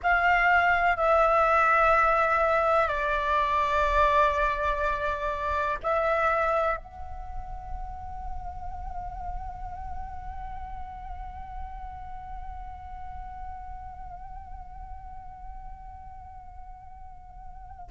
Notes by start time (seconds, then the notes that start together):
0.02 F5
0.96 E5
2.88 D5
5.82 E5
6.76 F#5